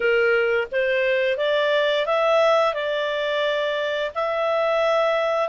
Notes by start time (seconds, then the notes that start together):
0.00 A#4
0.71 C5
1.37 D5
2.06 E5
2.74 D5
4.14 E5